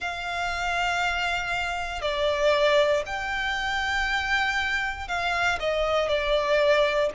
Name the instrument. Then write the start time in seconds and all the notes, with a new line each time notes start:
violin
0.00 F5
2.01 D5
3.06 G5
5.08 F5
5.59 D#5
6.08 D5